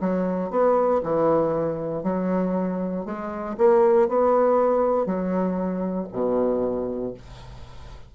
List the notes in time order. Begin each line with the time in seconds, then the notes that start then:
0.00 F#3
0.50 B3
1.03 E3
2.03 F#3
3.05 G#3
3.57 A#3
4.08 B3
5.06 F#3
6.12 B2